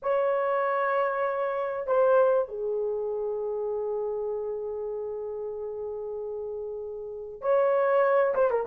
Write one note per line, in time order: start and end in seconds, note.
0.02 1.86 C#5
1.86 2.48 C5
2.48 7.41 G#4
7.41 8.34 C#5
8.34 8.50 C5
8.50 8.65 A#4